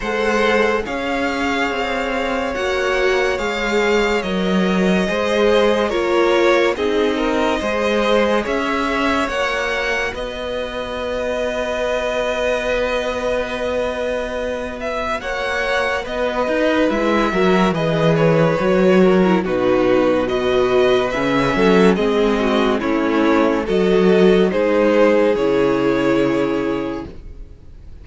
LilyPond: <<
  \new Staff \with { instrumentName = "violin" } { \time 4/4 \tempo 4 = 71 fis''4 f''2 fis''4 | f''4 dis''2 cis''4 | dis''2 e''4 fis''4 | dis''1~ |
dis''4. e''8 fis''4 dis''4 | e''4 dis''8 cis''4. b'4 | dis''4 e''4 dis''4 cis''4 | dis''4 c''4 cis''2 | }
  \new Staff \with { instrumentName = "violin" } { \time 4/4 c''4 cis''2.~ | cis''2 c''4 ais'4 | gis'8 ais'8 c''4 cis''2 | b'1~ |
b'2 cis''4 b'4~ | b'8 ais'8 b'4. ais'8 fis'4 | b'4. a'8 gis'8 fis'8 e'4 | a'4 gis'2. | }
  \new Staff \with { instrumentName = "viola" } { \time 4/4 a'4 gis'2 fis'4 | gis'4 ais'4 gis'4 f'4 | dis'4 gis'2 fis'4~ | fis'1~ |
fis'1 | e'8 fis'8 gis'4 fis'8. e'16 dis'4 | fis'4 cis'4 c'4 cis'4 | fis'4 dis'4 e'2 | }
  \new Staff \with { instrumentName = "cello" } { \time 4/4 gis4 cis'4 c'4 ais4 | gis4 fis4 gis4 ais4 | c'4 gis4 cis'4 ais4 | b1~ |
b2 ais4 b8 dis'8 | gis8 fis8 e4 fis4 b,4~ | b,4 cis8 fis8 gis4 a4 | fis4 gis4 cis2 | }
>>